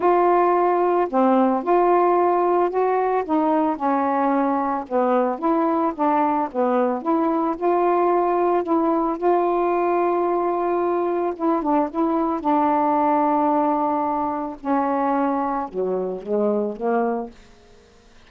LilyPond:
\new Staff \with { instrumentName = "saxophone" } { \time 4/4 \tempo 4 = 111 f'2 c'4 f'4~ | f'4 fis'4 dis'4 cis'4~ | cis'4 b4 e'4 d'4 | b4 e'4 f'2 |
e'4 f'2.~ | f'4 e'8 d'8 e'4 d'4~ | d'2. cis'4~ | cis'4 fis4 gis4 ais4 | }